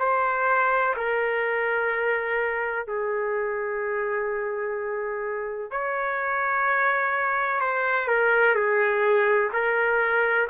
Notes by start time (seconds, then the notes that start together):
0.00 C5
0.97 A#4
2.88 G#4
5.71 C#5
7.61 C5
8.08 A#4
8.55 G#4
9.54 A#4